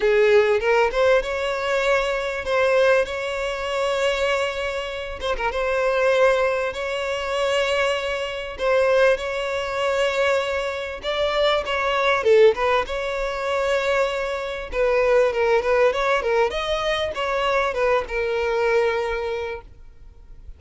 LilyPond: \new Staff \with { instrumentName = "violin" } { \time 4/4 \tempo 4 = 98 gis'4 ais'8 c''8 cis''2 | c''4 cis''2.~ | cis''8 c''16 ais'16 c''2 cis''4~ | cis''2 c''4 cis''4~ |
cis''2 d''4 cis''4 | a'8 b'8 cis''2. | b'4 ais'8 b'8 cis''8 ais'8 dis''4 | cis''4 b'8 ais'2~ ais'8 | }